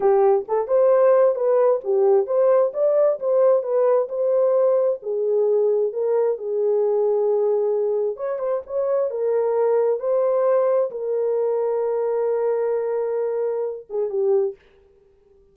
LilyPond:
\new Staff \with { instrumentName = "horn" } { \time 4/4 \tempo 4 = 132 g'4 a'8 c''4. b'4 | g'4 c''4 d''4 c''4 | b'4 c''2 gis'4~ | gis'4 ais'4 gis'2~ |
gis'2 cis''8 c''8 cis''4 | ais'2 c''2 | ais'1~ | ais'2~ ais'8 gis'8 g'4 | }